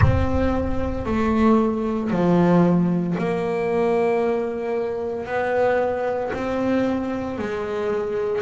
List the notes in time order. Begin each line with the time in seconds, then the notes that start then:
0.01 C4
1.05 A3
2.10 F3
3.18 A#3
5.26 B3
6.33 C4
7.38 G#3